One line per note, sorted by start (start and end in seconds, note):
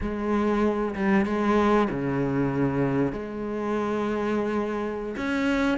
0.01 0.94 G#3
0.95 1.25 G3
1.25 1.88 G#3
1.90 3.12 C#3
3.12 5.15 G#3
5.16 5.78 C#4